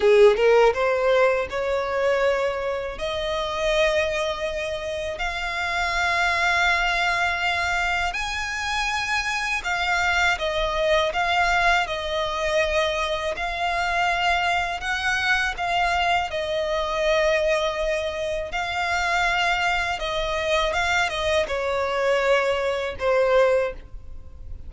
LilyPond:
\new Staff \with { instrumentName = "violin" } { \time 4/4 \tempo 4 = 81 gis'8 ais'8 c''4 cis''2 | dis''2. f''4~ | f''2. gis''4~ | gis''4 f''4 dis''4 f''4 |
dis''2 f''2 | fis''4 f''4 dis''2~ | dis''4 f''2 dis''4 | f''8 dis''8 cis''2 c''4 | }